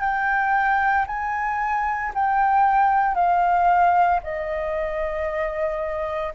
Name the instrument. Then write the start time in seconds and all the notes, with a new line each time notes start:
flute
0.00 G5
1.07 G#5
2.14 G5
3.14 F5
4.23 D#5